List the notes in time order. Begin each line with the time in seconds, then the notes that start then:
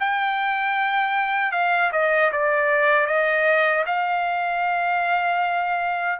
0.00 G5
1.52 F5
1.93 D#5
2.33 D5
3.07 D#5
3.86 F5